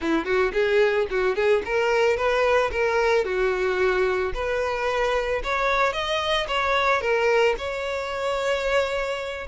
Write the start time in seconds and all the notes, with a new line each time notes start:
0.01 E4
0.25 F#4
0.53 G#4
1.10 F#4
1.35 G#4
1.65 A#4
2.16 B4
2.71 A#4
3.24 F#4
4.33 B4
5.43 C#5
5.92 D#5
6.47 C#5
7.01 A#4
7.58 C#5